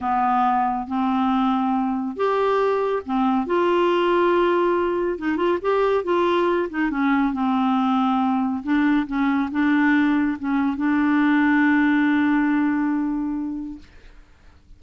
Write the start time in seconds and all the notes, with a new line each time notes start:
0.01 B3
0.87 C4
2.16 G4
3.05 C4
3.46 F4
5.18 D#4
5.36 F4
5.61 G4
6.04 F4
6.69 D#4
6.90 C#4
7.33 C4
8.63 D4
9.06 C#4
9.51 D4
10.38 C#4
10.76 D4